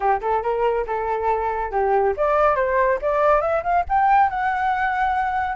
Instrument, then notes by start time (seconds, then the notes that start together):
flute
0.00 G4
0.21 A4
0.42 A#4
0.86 A4
1.71 G4
2.16 D5
2.55 C5
3.01 D5
3.41 E5
3.63 F5
3.88 G5
4.29 F#5